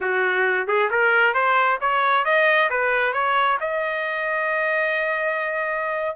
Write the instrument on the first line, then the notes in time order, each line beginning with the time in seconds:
trumpet
0.01 F#4
0.67 G#4
0.90 A#4
1.34 C5
1.80 C#5
2.24 D#5
2.70 B4
3.13 C#5
3.60 D#5